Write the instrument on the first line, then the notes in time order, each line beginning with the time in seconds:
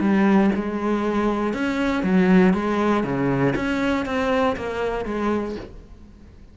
cello
0.00 G3
0.55 G#3
1.54 C#4
2.03 F#3
2.53 G#3
3.04 C#3
3.56 C#4
4.06 C4
4.57 A#3
5.05 G#3